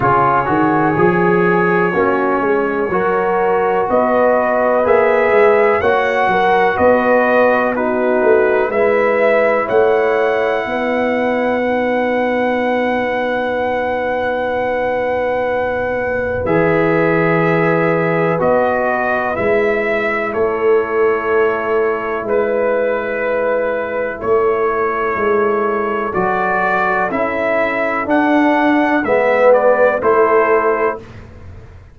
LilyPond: <<
  \new Staff \with { instrumentName = "trumpet" } { \time 4/4 \tempo 4 = 62 cis''1 | dis''4 e''4 fis''4 dis''4 | b'4 e''4 fis''2~ | fis''1~ |
fis''4 e''2 dis''4 | e''4 cis''2 b'4~ | b'4 cis''2 d''4 | e''4 fis''4 e''8 d''8 c''4 | }
  \new Staff \with { instrumentName = "horn" } { \time 4/4 gis'2 fis'8 gis'8 ais'4 | b'2 cis''8 ais'8 b'4 | fis'4 b'4 cis''4 b'4~ | b'1~ |
b'1~ | b'4 a'2 b'4~ | b'4 a'2.~ | a'2 b'4 a'4 | }
  \new Staff \with { instrumentName = "trombone" } { \time 4/4 f'8 fis'8 gis'4 cis'4 fis'4~ | fis'4 gis'4 fis'2 | dis'4 e'2. | dis'1~ |
dis'4 gis'2 fis'4 | e'1~ | e'2. fis'4 | e'4 d'4 b4 e'4 | }
  \new Staff \with { instrumentName = "tuba" } { \time 4/4 cis8 dis8 f4 ais8 gis8 fis4 | b4 ais8 gis8 ais8 fis8 b4~ | b8 a8 gis4 a4 b4~ | b1~ |
b4 e2 b4 | gis4 a2 gis4~ | gis4 a4 gis4 fis4 | cis'4 d'4 gis4 a4 | }
>>